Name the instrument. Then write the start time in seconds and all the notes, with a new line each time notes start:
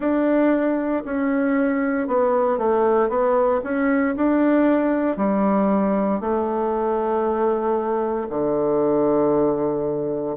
bassoon
0.00 D4
1.04 C#4
2.07 B3
2.58 A3
3.08 B3
3.63 C#4
4.16 D4
5.17 G3
6.20 A3
8.29 D3